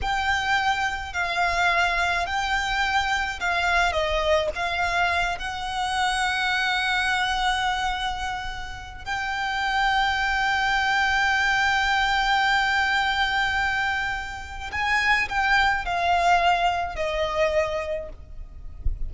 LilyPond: \new Staff \with { instrumentName = "violin" } { \time 4/4 \tempo 4 = 106 g''2 f''2 | g''2 f''4 dis''4 | f''4. fis''2~ fis''8~ | fis''1 |
g''1~ | g''1~ | g''2 gis''4 g''4 | f''2 dis''2 | }